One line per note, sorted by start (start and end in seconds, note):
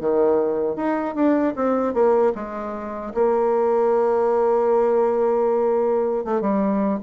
0.00 0.76 D#3
0.76 1.15 D#4
1.15 1.54 D4
1.55 1.93 C4
1.93 2.32 A#3
2.35 3.13 G#3
3.14 6.24 A#3
6.24 6.41 A3
6.41 6.99 G3